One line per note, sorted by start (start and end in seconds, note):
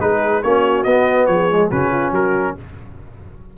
0.00 0.43 G#3
0.00 0.43 D#4
0.00 0.43 G#4
0.00 0.43 B4
0.43 0.86 A#3
0.43 0.87 C#4
0.43 1.29 F#4
0.43 0.84 C#5
0.84 1.28 B3
0.84 1.52 B3
0.84 1.26 D#5
1.26 1.71 F3
1.26 1.70 G#4
1.26 1.69 C#5
1.52 1.72 G#3
1.70 2.12 C#3
1.70 2.58 C#4
1.70 1.91 F#4
1.70 2.14 B4
1.91 2.12 F4
2.12 2.55 F#3
2.12 2.55 F#4
2.12 2.58 A#4